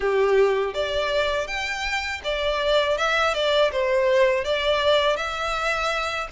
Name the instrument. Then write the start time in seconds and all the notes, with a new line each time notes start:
violin
0.00 G4
0.74 D5
1.47 G5
2.24 D5
2.97 E5
3.34 D5
3.72 C5
4.44 D5
5.16 E5